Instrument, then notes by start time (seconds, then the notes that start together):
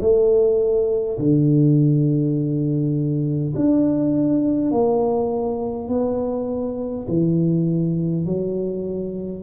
tuba
0.00 A3
1.18 D3
3.56 D4
4.71 A#3
5.88 B3
7.08 E3
8.26 F#3